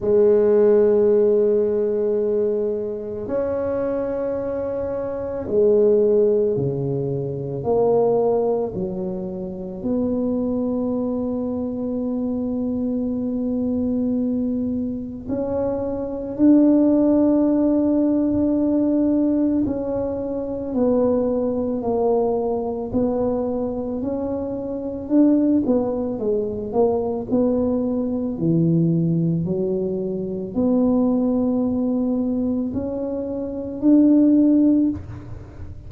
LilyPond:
\new Staff \with { instrumentName = "tuba" } { \time 4/4 \tempo 4 = 55 gis2. cis'4~ | cis'4 gis4 cis4 ais4 | fis4 b2.~ | b2 cis'4 d'4~ |
d'2 cis'4 b4 | ais4 b4 cis'4 d'8 b8 | gis8 ais8 b4 e4 fis4 | b2 cis'4 d'4 | }